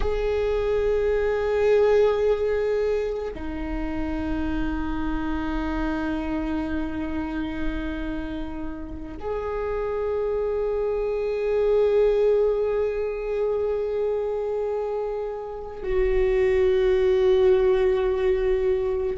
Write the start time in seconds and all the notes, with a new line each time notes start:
0.00 G#4
3.33 D#4
9.20 G#4
15.83 F#4